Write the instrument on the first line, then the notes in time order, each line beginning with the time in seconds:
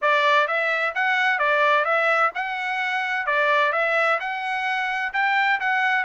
trumpet
0.01 D5
0.47 E5
0.94 F#5
1.38 D5
1.84 E5
2.35 F#5
3.26 D5
3.72 E5
4.19 F#5
5.13 G5
5.59 F#5